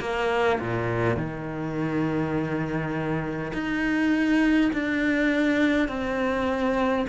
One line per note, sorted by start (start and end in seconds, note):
0.00 0.59 A#3
0.60 1.17 A#2
1.17 3.52 D#3
3.53 4.71 D#4
4.73 5.88 D4
5.88 7.06 C4